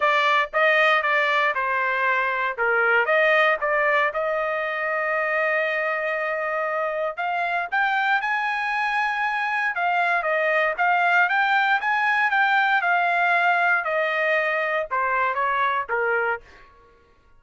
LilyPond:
\new Staff \with { instrumentName = "trumpet" } { \time 4/4 \tempo 4 = 117 d''4 dis''4 d''4 c''4~ | c''4 ais'4 dis''4 d''4 | dis''1~ | dis''2 f''4 g''4 |
gis''2. f''4 | dis''4 f''4 g''4 gis''4 | g''4 f''2 dis''4~ | dis''4 c''4 cis''4 ais'4 | }